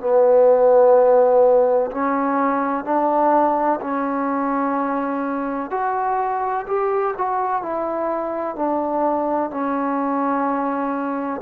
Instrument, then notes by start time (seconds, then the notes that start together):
trombone
0.00 B3
1.91 C#4
2.84 D4
3.81 C#4
5.71 F#4
6.67 G4
7.17 F#4
7.62 E4
8.56 D4
9.50 C#4